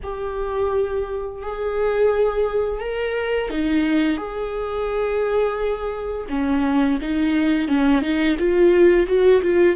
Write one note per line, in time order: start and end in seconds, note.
0.03 1.41 G4
1.41 2.80 G#4
2.80 3.49 A#4
3.49 4.17 D#4
4.17 6.26 G#4
6.29 6.99 C#4
7.01 7.67 D#4
7.67 8.01 C#4
8.01 8.36 D#4
8.38 9.06 F4
9.06 9.41 F#4
9.42 9.76 F4